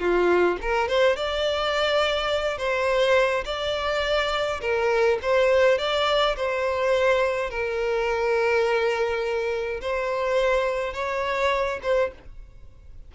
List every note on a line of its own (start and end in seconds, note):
0.00 0.58 F4
0.62 0.88 A#4
0.88 1.16 C5
1.16 2.58 D5
2.58 3.45 C5
3.45 4.61 D5
4.61 5.19 A#4
5.22 5.78 C5
5.78 6.36 D5
6.36 7.50 C5
7.50 9.81 A#4
9.81 10.94 C5
10.94 11.80 C#5
11.83 12.12 C5